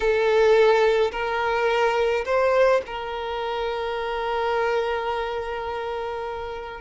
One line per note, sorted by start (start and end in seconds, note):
0.00 1.11 A4
1.11 2.24 A#4
2.25 2.81 C5
2.86 6.81 A#4